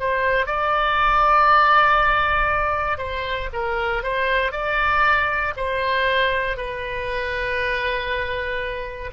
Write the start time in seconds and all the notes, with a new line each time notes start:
0.00 C5
0.47 D5
2.99 C5
3.53 A#4
4.04 C5
4.53 D5
5.57 C5
6.57 B4